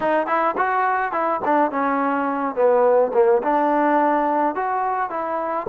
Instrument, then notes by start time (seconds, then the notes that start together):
trombone
0.00 D#4
0.27 E4
0.57 F#4
1.12 E4
1.44 D4
1.71 C#4
2.55 B3
3.13 A#3
3.42 D4
4.55 F#4
5.10 E4